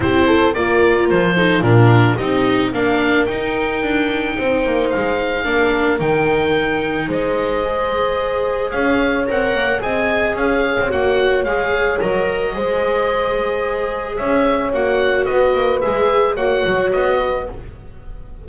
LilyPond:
<<
  \new Staff \with { instrumentName = "oboe" } { \time 4/4 \tempo 4 = 110 c''4 d''4 c''4 ais'4 | dis''4 f''4 g''2~ | g''4 f''2 g''4~ | g''4 dis''2. |
f''4 fis''4 gis''4 f''4 | fis''4 f''4 dis''2~ | dis''2 e''4 fis''4 | dis''4 e''4 fis''4 dis''4 | }
  \new Staff \with { instrumentName = "horn" } { \time 4/4 g'8 a'8 ais'4. a'8 f'4 | g'4 ais'2. | c''2 ais'2~ | ais'4 c''2. |
cis''2 dis''4 cis''4~ | cis''2. c''4~ | c''2 cis''2 | b'2 cis''4. b'8 | }
  \new Staff \with { instrumentName = "viola" } { \time 4/4 e'4 f'4. dis'8 d'4 | dis'4 d'4 dis'2~ | dis'2 d'4 dis'4~ | dis'2 gis'2~ |
gis'4 ais'4 gis'2 | fis'4 gis'4 ais'4 gis'4~ | gis'2. fis'4~ | fis'4 gis'4 fis'2 | }
  \new Staff \with { instrumentName = "double bass" } { \time 4/4 c'4 ais4 f4 ais,4 | c'4 ais4 dis'4 d'4 | c'8 ais8 gis4 ais4 dis4~ | dis4 gis2. |
cis'4 c'8 ais8 c'4 cis'8. c'16 | ais4 gis4 fis4 gis4~ | gis2 cis'4 ais4 | b8 ais8 gis4 ais8 fis8 b4 | }
>>